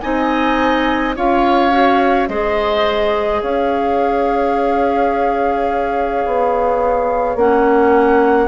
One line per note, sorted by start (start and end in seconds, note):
0.00 1.17 C4
0.00 1.15 D#4
0.00 1.16 D#5
0.00 1.13 G#5
1.16 2.29 C#4
1.16 1.71 F4
1.16 2.29 C#5
1.16 2.28 F5
1.71 2.28 F#4
2.28 3.42 G#3
2.28 7.38 G#4
2.28 3.42 C5
2.28 3.41 D#5
3.41 6.25 C#4
3.41 8.48 C#5
3.41 7.37 F5
6.26 7.35 B3
7.35 8.48 A#3
7.35 8.48 C#4
7.35 8.48 F#5